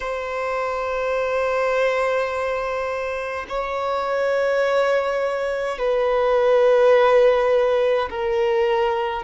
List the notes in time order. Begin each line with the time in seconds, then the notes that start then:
0.00 C5
3.49 C#5
5.78 B4
8.10 A#4